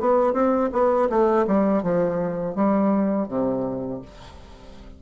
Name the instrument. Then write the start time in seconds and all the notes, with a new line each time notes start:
bassoon
0.00 B3
0.33 C4
0.72 B3
1.09 A3
1.47 G3
1.83 F3
2.55 G3
3.29 C3